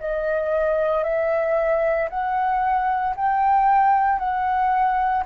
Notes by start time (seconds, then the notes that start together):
0.00 D#5
1.03 E5
2.10 F#5
3.16 G5
4.19 F#5